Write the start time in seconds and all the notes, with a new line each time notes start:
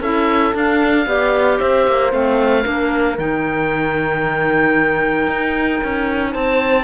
0.00 C#4 E4 A4 E5
0.53 D4 F5
1.06 B3 G4 D5
1.59 C4 C5 E5
1.87 A#3
2.11 A3 C4 F5
2.62 A#3 D4 A#4
3.18 D#3 D#4 G5
5.27 D#4
5.83 C#4
6.32 C4 C5 A5